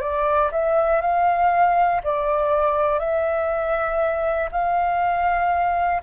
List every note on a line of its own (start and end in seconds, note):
0.00 0.50 D5
0.51 1.01 E5
1.01 2.01 F5
2.04 2.99 D5
2.99 4.49 E5
4.51 6.01 F5